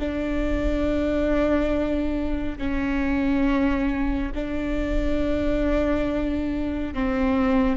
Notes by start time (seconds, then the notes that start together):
0.00 D4
2.58 C#4
4.35 D4
6.94 C4